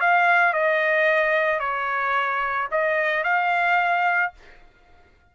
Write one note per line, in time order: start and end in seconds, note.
0.00 0.53 F5
0.53 1.59 D#5
1.59 2.68 C#5
2.71 3.24 D#5
3.24 4.33 F5